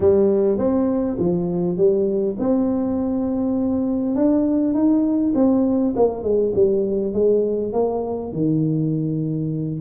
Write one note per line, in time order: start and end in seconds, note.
0.00 0.58 G3
0.58 1.17 C4
1.19 1.77 F3
1.77 2.36 G3
2.39 4.15 C4
4.15 4.74 D4
4.74 5.33 D#4
5.34 5.94 C4
5.95 6.23 A#3
6.23 6.53 G#3
6.55 7.13 G3
7.13 7.72 G#3
7.73 8.32 A#3
8.32 9.80 D#3